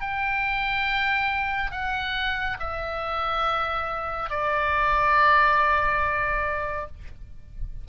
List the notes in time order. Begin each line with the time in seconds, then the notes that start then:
0.00 G5
1.71 F#5
2.59 E5
4.30 D5